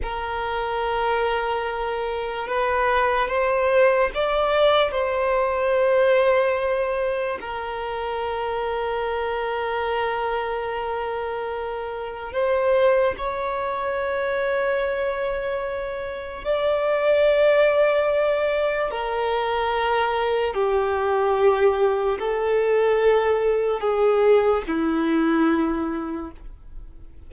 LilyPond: \new Staff \with { instrumentName = "violin" } { \time 4/4 \tempo 4 = 73 ais'2. b'4 | c''4 d''4 c''2~ | c''4 ais'2.~ | ais'2. c''4 |
cis''1 | d''2. ais'4~ | ais'4 g'2 a'4~ | a'4 gis'4 e'2 | }